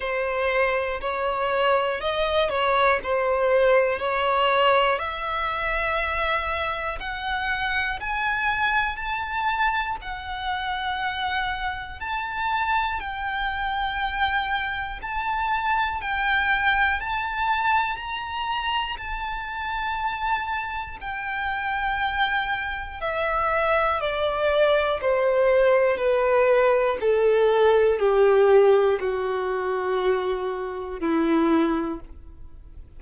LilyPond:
\new Staff \with { instrumentName = "violin" } { \time 4/4 \tempo 4 = 60 c''4 cis''4 dis''8 cis''8 c''4 | cis''4 e''2 fis''4 | gis''4 a''4 fis''2 | a''4 g''2 a''4 |
g''4 a''4 ais''4 a''4~ | a''4 g''2 e''4 | d''4 c''4 b'4 a'4 | g'4 fis'2 e'4 | }